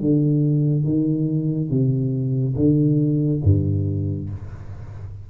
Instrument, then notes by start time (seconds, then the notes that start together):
tuba
0.00 D3
0.85 D#3
1.70 C3
2.56 D3
3.44 G2